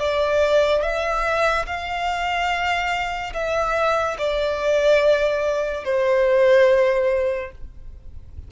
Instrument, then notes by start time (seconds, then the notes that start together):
violin
0.00 D5
0.83 E5
1.67 F5
3.34 E5
4.19 D5
5.85 C5